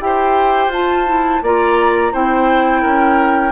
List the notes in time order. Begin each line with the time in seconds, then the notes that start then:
0.00 E4 G4 C5 G5
0.67 F4 A5
1.06 E4
1.42 A#3 F4 D5 A#5
2.12 C4 E4 C5 G5
2.81 C#4 A#4